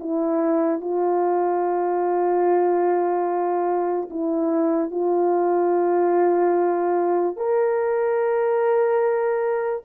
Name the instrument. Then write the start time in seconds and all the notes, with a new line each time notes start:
horn
0.00 E4
0.80 F4
4.10 E4
4.91 F4
7.37 A#4